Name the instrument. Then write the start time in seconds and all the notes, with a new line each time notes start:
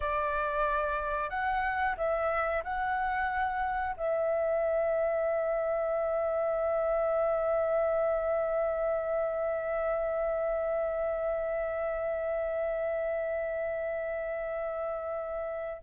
flute
0.00 D5
1.29 F#5
1.97 E5
2.63 F#5
3.97 E5